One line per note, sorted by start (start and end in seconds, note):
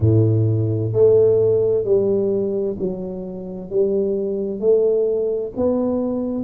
0.00 0.92 A2
0.92 1.84 A3
1.84 2.76 G3
2.79 3.69 F#3
3.69 4.59 G3
4.59 5.52 A3
5.56 6.44 B3